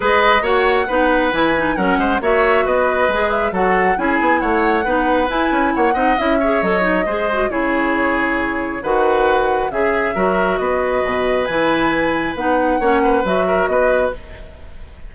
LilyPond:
<<
  \new Staff \with { instrumentName = "flute" } { \time 4/4 \tempo 4 = 136 dis''4 fis''2 gis''4 | fis''4 e''4 dis''4. e''8 | fis''4 gis''4 fis''2 | gis''4 fis''4 e''4 dis''4~ |
dis''4 cis''2. | fis''2 e''2 | dis''2 gis''2 | fis''2 e''4 dis''4 | }
  \new Staff \with { instrumentName = "oboe" } { \time 4/4 b'4 cis''4 b'2 | ais'8 c''8 cis''4 b'2 | a'4 gis'4 cis''4 b'4~ | b'4 cis''8 dis''4 cis''4. |
c''4 gis'2. | b'2 gis'4 ais'4 | b'1~ | b'4 cis''8 b'4 ais'8 b'4 | }
  \new Staff \with { instrumentName = "clarinet" } { \time 4/4 gis'4 fis'4 dis'4 e'8 dis'8 | cis'4 fis'2 gis'4 | fis'4 e'2 dis'4 | e'4. dis'8 e'8 gis'8 a'8 dis'8 |
gis'8 fis'8 e'2. | fis'2 gis'4 fis'4~ | fis'2 e'2 | dis'4 cis'4 fis'2 | }
  \new Staff \with { instrumentName = "bassoon" } { \time 4/4 gis4 ais4 b4 e4 | fis8 gis8 ais4 b4 gis4 | fis4 cis'8 b8 a4 b4 | e'8 cis'8 ais8 c'8 cis'4 fis4 |
gis4 cis2. | dis2 cis4 fis4 | b4 b,4 e2 | b4 ais4 fis4 b4 | }
>>